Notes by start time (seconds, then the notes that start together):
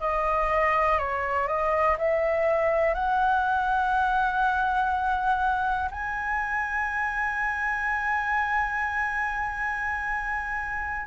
0.00 D#5
0.99 C#5
1.48 D#5
1.98 E5
2.95 F#5
5.91 G#5